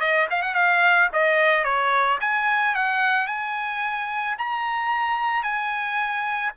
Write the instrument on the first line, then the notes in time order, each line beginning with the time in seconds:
trumpet
0.00 D#5
0.30 F5
0.42 F#5
0.54 F5
1.13 D#5
1.64 C#5
2.20 G#5
2.74 F#5
3.27 G#5
4.38 A#5
5.43 G#5